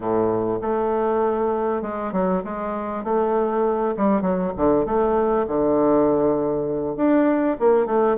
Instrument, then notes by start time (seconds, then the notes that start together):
bassoon
0.00 A2
0.61 A3
1.82 G#3
2.12 F#3
2.44 G#3
3.04 A3
3.97 G3
4.21 F#3
4.56 D3
4.85 A3
5.47 D3
6.96 D4
7.59 A#3
7.86 A3